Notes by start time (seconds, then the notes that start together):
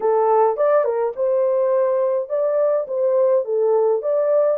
0.00 A4
0.56 D5
0.84 A#4
1.16 C5
2.29 D5
2.87 C5
3.44 A4
4.02 D5